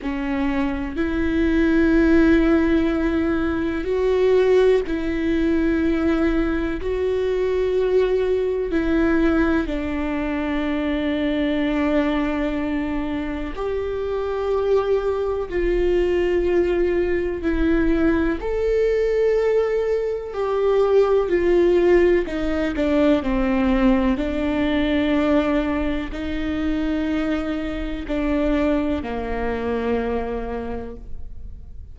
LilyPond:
\new Staff \with { instrumentName = "viola" } { \time 4/4 \tempo 4 = 62 cis'4 e'2. | fis'4 e'2 fis'4~ | fis'4 e'4 d'2~ | d'2 g'2 |
f'2 e'4 a'4~ | a'4 g'4 f'4 dis'8 d'8 | c'4 d'2 dis'4~ | dis'4 d'4 ais2 | }